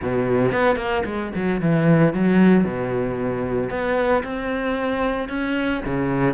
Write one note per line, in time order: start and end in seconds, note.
0.01 0.51 B2
0.51 0.76 B3
0.76 1.02 A#3
1.05 1.32 G#3
1.35 1.61 F#3
1.61 2.13 E3
2.13 2.64 F#3
2.64 3.70 B2
3.70 4.23 B3
4.23 5.28 C4
5.28 5.81 C#4
5.86 6.34 C#3